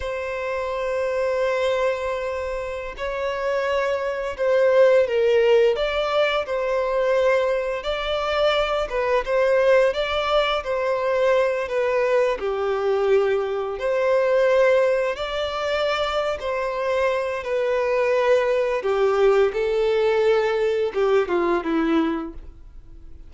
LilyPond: \new Staff \with { instrumentName = "violin" } { \time 4/4 \tempo 4 = 86 c''1~ | c''16 cis''2 c''4 ais'8.~ | ais'16 d''4 c''2 d''8.~ | d''8. b'8 c''4 d''4 c''8.~ |
c''8. b'4 g'2 c''16~ | c''4.~ c''16 d''4.~ d''16 c''8~ | c''4 b'2 g'4 | a'2 g'8 f'8 e'4 | }